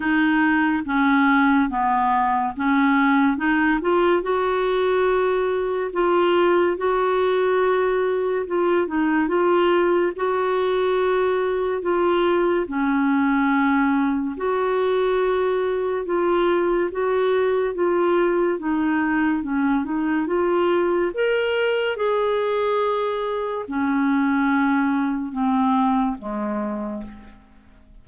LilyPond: \new Staff \with { instrumentName = "clarinet" } { \time 4/4 \tempo 4 = 71 dis'4 cis'4 b4 cis'4 | dis'8 f'8 fis'2 f'4 | fis'2 f'8 dis'8 f'4 | fis'2 f'4 cis'4~ |
cis'4 fis'2 f'4 | fis'4 f'4 dis'4 cis'8 dis'8 | f'4 ais'4 gis'2 | cis'2 c'4 gis4 | }